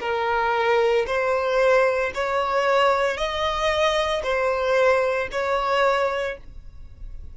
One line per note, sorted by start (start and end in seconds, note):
0.00 1.05 A#4
1.06 2.11 C5
2.14 3.17 C#5
3.17 4.22 D#5
4.23 5.28 C5
5.32 6.37 C#5